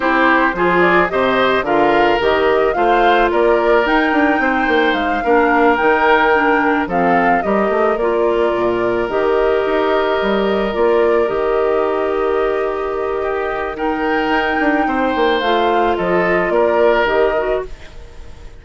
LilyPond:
<<
  \new Staff \with { instrumentName = "flute" } { \time 4/4 \tempo 4 = 109 c''4. d''8 dis''4 f''4 | dis''4 f''4 d''4 g''4~ | g''4 f''4. g''4.~ | g''8 f''4 dis''4 d''4.~ |
d''8 dis''2. d''8~ | d''8 dis''2.~ dis''8~ | dis''4 g''2. | f''4 dis''4 d''4 dis''4 | }
  \new Staff \with { instrumentName = "oboe" } { \time 4/4 g'4 gis'4 c''4 ais'4~ | ais'4 c''4 ais'2 | c''4. ais'2~ ais'8~ | ais'8 a'4 ais'2~ ais'8~ |
ais'1~ | ais'1 | g'4 ais'2 c''4~ | c''4 a'4 ais'2 | }
  \new Staff \with { instrumentName = "clarinet" } { \time 4/4 e'4 f'4 g'4 f'4 | g'4 f'2 dis'4~ | dis'4. d'4 dis'4 d'8~ | d'8 c'4 g'4 f'4.~ |
f'8 g'2. f'8~ | f'8 g'2.~ g'8~ | g'4 dis'2. | f'2. g'8 fis'8 | }
  \new Staff \with { instrumentName = "bassoon" } { \time 4/4 c'4 f4 c4 d4 | dis4 a4 ais4 dis'8 d'8 | c'8 ais8 gis8 ais4 dis4.~ | dis8 f4 g8 a8 ais4 ais,8~ |
ais,8 dis4 dis'4 g4 ais8~ | ais8 dis2.~ dis8~ | dis2 dis'8 d'8 c'8 ais8 | a4 f4 ais4 dis4 | }
>>